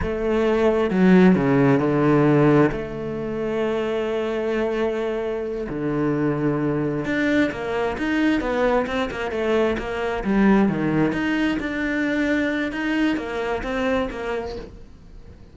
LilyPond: \new Staff \with { instrumentName = "cello" } { \time 4/4 \tempo 4 = 132 a2 fis4 cis4 | d2 a2~ | a1~ | a8 d2. d'8~ |
d'8 ais4 dis'4 b4 c'8 | ais8 a4 ais4 g4 dis8~ | dis8 dis'4 d'2~ d'8 | dis'4 ais4 c'4 ais4 | }